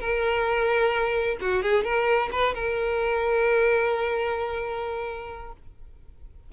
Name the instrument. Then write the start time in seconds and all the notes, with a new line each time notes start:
violin
0.00 A#4
1.41 F#4
1.62 G#4
1.84 A#4
2.32 B4
2.55 A#4